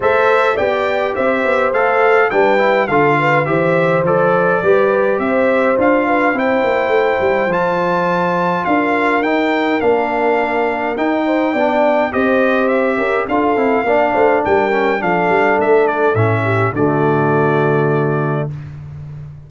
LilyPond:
<<
  \new Staff \with { instrumentName = "trumpet" } { \time 4/4 \tempo 4 = 104 e''4 g''4 e''4 f''4 | g''4 f''4 e''4 d''4~ | d''4 e''4 f''4 g''4~ | g''4 a''2 f''4 |
g''4 f''2 g''4~ | g''4 dis''4 e''4 f''4~ | f''4 g''4 f''4 e''8 d''8 | e''4 d''2. | }
  \new Staff \with { instrumentName = "horn" } { \time 4/4 c''4 d''4 c''2 | b'4 a'8 b'8 c''2 | b'4 c''4. b'8 c''4~ | c''2. ais'4~ |
ais'2.~ ais'8 c''8 | d''4 c''4. ais'8 a'4 | d''8 c''8 ais'4 a'2~ | a'8 g'8 fis'2. | }
  \new Staff \with { instrumentName = "trombone" } { \time 4/4 a'4 g'2 a'4 | d'8 e'8 f'4 g'4 a'4 | g'2 f'4 e'4~ | e'4 f'2. |
dis'4 d'2 dis'4 | d'4 g'2 f'8 e'8 | d'4. cis'8 d'2 | cis'4 a2. | }
  \new Staff \with { instrumentName = "tuba" } { \time 4/4 a4 b4 c'8 b8 a4 | g4 d4 e4 f4 | g4 c'4 d'4 c'8 ais8 | a8 g8 f2 d'4 |
dis'4 ais2 dis'4 | b4 c'4. cis'8 d'8 c'8 | ais8 a8 g4 f8 g8 a4 | a,4 d2. | }
>>